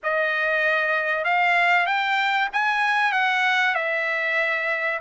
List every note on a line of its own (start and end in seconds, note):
0.03 1.24 D#5
1.24 1.86 F5
1.86 2.48 G5
2.53 3.12 G#5
3.12 3.74 F#5
3.74 4.99 E5